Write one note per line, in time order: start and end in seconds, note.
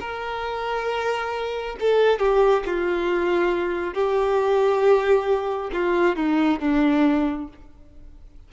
0.00 1.76 A#4
1.80 2.19 A4
2.19 2.64 G4
2.66 3.94 F4
3.94 5.71 G4
5.73 6.16 F4
6.16 6.60 D#4
6.60 7.48 D4